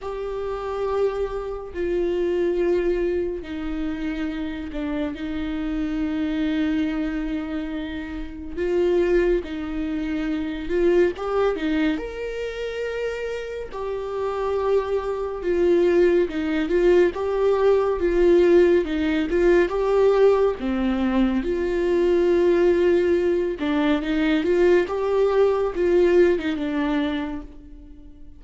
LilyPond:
\new Staff \with { instrumentName = "viola" } { \time 4/4 \tempo 4 = 70 g'2 f'2 | dis'4. d'8 dis'2~ | dis'2 f'4 dis'4~ | dis'8 f'8 g'8 dis'8 ais'2 |
g'2 f'4 dis'8 f'8 | g'4 f'4 dis'8 f'8 g'4 | c'4 f'2~ f'8 d'8 | dis'8 f'8 g'4 f'8. dis'16 d'4 | }